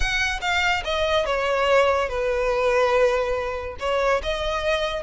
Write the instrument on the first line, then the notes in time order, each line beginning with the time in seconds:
violin
0.00 F#5
0.41 F5
0.84 D#5
1.25 C#5
2.08 B4
3.79 C#5
4.22 D#5